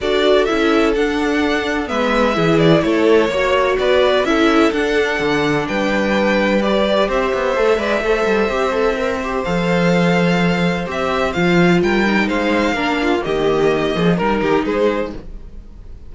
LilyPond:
<<
  \new Staff \with { instrumentName = "violin" } { \time 4/4 \tempo 4 = 127 d''4 e''4 fis''2 | e''4. d''8 cis''2 | d''4 e''4 fis''2 | g''2 d''4 e''4~ |
e''1 | f''2. e''4 | f''4 g''4 f''2 | dis''2 ais'4 c''4 | }
  \new Staff \with { instrumentName = "violin" } { \time 4/4 a'1 | b'4 gis'4 a'4 cis''4 | b'4 a'2. | b'2. c''4~ |
c''8 d''8 c''2.~ | c''1~ | c''4 ais'4 c''4 ais'8 f'8 | g'4. gis'8 ais'8 g'8 gis'4 | }
  \new Staff \with { instrumentName = "viola" } { \time 4/4 fis'4 e'4 d'2 | b4 e'2 fis'4~ | fis'4 e'4 d'2~ | d'2 g'2 |
a'8 b'8 a'4 g'8 a'8 ais'8 g'8 | a'2. g'4 | f'4. dis'4. d'4 | ais2 dis'2 | }
  \new Staff \with { instrumentName = "cello" } { \time 4/4 d'4 cis'4 d'2 | gis4 e4 a4 ais4 | b4 cis'4 d'4 d4 | g2. c'8 b8 |
a8 gis8 a8 g8 c'2 | f2. c'4 | f4 g4 gis4 ais4 | dis4. f8 g8 dis8 gis4 | }
>>